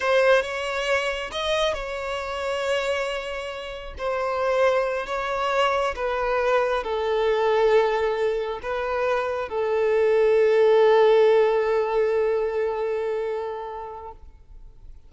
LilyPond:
\new Staff \with { instrumentName = "violin" } { \time 4/4 \tempo 4 = 136 c''4 cis''2 dis''4 | cis''1~ | cis''4 c''2~ c''8 cis''8~ | cis''4. b'2 a'8~ |
a'2.~ a'8 b'8~ | b'4. a'2~ a'8~ | a'1~ | a'1 | }